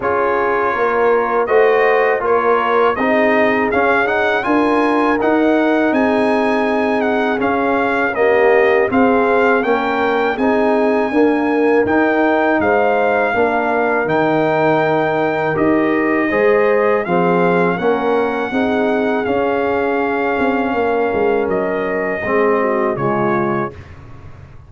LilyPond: <<
  \new Staff \with { instrumentName = "trumpet" } { \time 4/4 \tempo 4 = 81 cis''2 dis''4 cis''4 | dis''4 f''8 fis''8 gis''4 fis''4 | gis''4. fis''8 f''4 dis''4 | f''4 g''4 gis''2 |
g''4 f''2 g''4~ | g''4 dis''2 f''4 | fis''2 f''2~ | f''4 dis''2 cis''4 | }
  \new Staff \with { instrumentName = "horn" } { \time 4/4 gis'4 ais'4 c''4 ais'4 | gis'2 ais'2 | gis'2. g'4 | gis'4 ais'4 gis'4 ais'4~ |
ais'4 c''4 ais'2~ | ais'2 c''4 gis'4 | ais'4 gis'2. | ais'2 gis'8 fis'8 f'4 | }
  \new Staff \with { instrumentName = "trombone" } { \time 4/4 f'2 fis'4 f'4 | dis'4 cis'8 dis'8 f'4 dis'4~ | dis'2 cis'4 ais4 | c'4 cis'4 dis'4 ais4 |
dis'2 d'4 dis'4~ | dis'4 g'4 gis'4 c'4 | cis'4 dis'4 cis'2~ | cis'2 c'4 gis4 | }
  \new Staff \with { instrumentName = "tuba" } { \time 4/4 cis'4 ais4 a4 ais4 | c'4 cis'4 d'4 dis'4 | c'2 cis'2 | c'4 ais4 c'4 d'4 |
dis'4 gis4 ais4 dis4~ | dis4 dis'4 gis4 f4 | ais4 c'4 cis'4. c'8 | ais8 gis8 fis4 gis4 cis4 | }
>>